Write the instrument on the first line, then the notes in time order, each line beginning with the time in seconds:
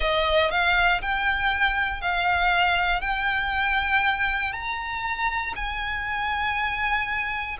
violin
0.00 D#5
0.50 F5
1.01 G5
2.01 F5
3.01 G5
4.52 A#5
5.55 G#5